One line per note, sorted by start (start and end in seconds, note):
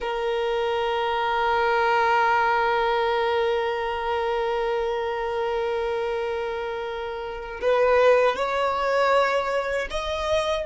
0.00 7.60 A#4
7.61 8.35 B4
8.35 9.87 C#5
9.90 10.65 D#5